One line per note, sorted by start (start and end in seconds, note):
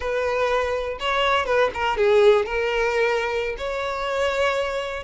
0.00 0.98 B4
0.99 1.45 C#5
1.45 1.70 B4
1.74 1.97 A#4
1.97 2.45 G#4
2.45 3.56 A#4
3.57 5.03 C#5